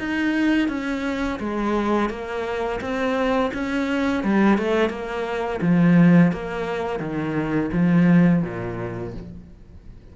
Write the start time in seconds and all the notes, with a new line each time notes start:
0.00 D#4
0.69 C#4
1.40 G#3
2.10 A#3
2.81 C4
3.54 C#4
4.24 G3
4.59 A3
4.90 A#3
5.62 F3
6.32 A#3
7.00 D#3
7.73 F3
8.43 A#2